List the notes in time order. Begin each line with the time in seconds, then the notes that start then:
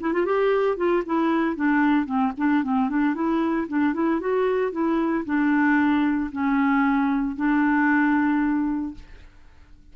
0.00 E4
0.13 F4
0.25 G4
0.77 F4
1.06 E4
1.56 D4
2.06 C4
2.37 D4
2.63 C4
2.89 D4
3.15 E4
3.68 D4
3.94 E4
4.20 F#4
4.72 E4
5.25 D4
6.32 C#4
7.36 D4